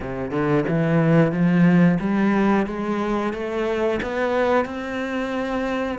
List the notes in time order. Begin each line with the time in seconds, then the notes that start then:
0.00 C3
0.31 D3
0.68 E3
1.32 F3
2.00 G3
2.66 G#3
3.33 A3
4.02 B3
4.65 C4